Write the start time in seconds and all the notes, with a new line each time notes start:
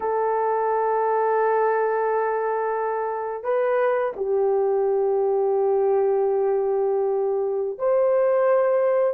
0.00 A4
3.43 B4
4.16 G4
7.78 C5